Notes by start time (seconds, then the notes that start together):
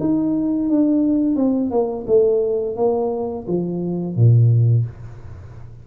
0.00 D#4
0.70 D4
1.36 C4
1.71 A#3
2.07 A3
2.77 A#3
3.48 F3
4.16 A#2